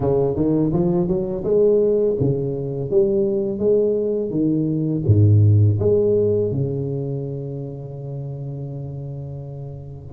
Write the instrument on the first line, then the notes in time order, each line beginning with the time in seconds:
tuba
0.00 C#3
0.35 D#3
0.73 F3
1.07 F#3
1.44 G#3
2.20 C#3
2.90 G3
3.58 G#3
4.30 D#3
5.06 G#2
5.79 G#3
6.51 C#3